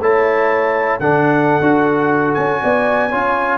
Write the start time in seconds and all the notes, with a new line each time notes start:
0.00 A3 E4 C#5 A5
1.00 D3 D4 A4 F#5
1.61 D4 F#4
2.34 C#4 G#5
2.62 B3 D5
3.10 C#4 F4 C#5